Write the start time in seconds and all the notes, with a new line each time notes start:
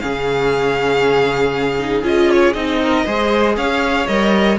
0.00 C#3 C#4 G#4 F5
1.79 D#4
2.03 C#4 F4 D#5
2.31 C#5
2.53 C4 D#4 D#5
2.81 A#4
3.05 G#3 G#4 C5
3.57 C#4 C#5 F5
4.07 G3 A#4 D#5